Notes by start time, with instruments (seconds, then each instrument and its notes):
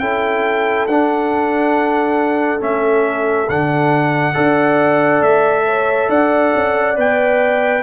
0.00 tuba C#4, trombone E4, horn A4, trumpet G5
0.88 tuba D4, trombone D4, trumpet F#5
2.60 tuba A3, trombone C#4, trumpet E5
3.50 tuba D3, trombone D4, trumpet F#5
4.35 tuba D4, trombone A4, horn D5
5.22 tuba A3, trumpet E5
5.66 horn C#5
6.09 tuba D4, horn D5, trumpet F#5
6.55 tuba C#4
6.97 tuba B3, trombone B4, trumpet G5